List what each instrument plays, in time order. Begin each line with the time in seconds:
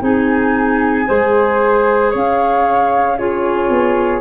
0.00 tuba C4, clarinet D#4, flute G#4 G#5
1.06 tuba G#3, clarinet G#4, flute C5
2.11 tuba C#4, flute C#5 F5
3.18 clarinet F4, flute G#4 C#5
3.69 tuba B3